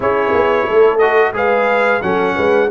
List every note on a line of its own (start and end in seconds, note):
0.00 0.32 C#4
0.00 0.99 E4
0.00 0.67 G#4
0.00 0.98 C#5
0.33 0.67 B3
0.67 1.32 A3
0.67 1.34 A4
0.98 1.33 F#4
0.98 1.32 D#5
1.32 2.00 G#3
1.32 2.01 G#4
1.32 2.03 B4
1.32 2.02 F5
2.02 2.36 F#3
2.02 2.70 C#4
2.02 2.35 A4
2.02 2.69 F#5
2.35 2.70 G#3
2.35 2.68 B4